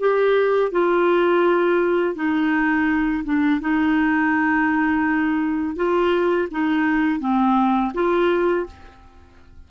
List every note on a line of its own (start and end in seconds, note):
0.00 0.72 G4
0.72 2.16 F4
2.16 3.24 D#4
3.25 3.61 D4
3.61 5.76 D#4
5.76 6.49 F4
6.51 7.20 D#4
7.20 7.93 C4
7.94 8.66 F4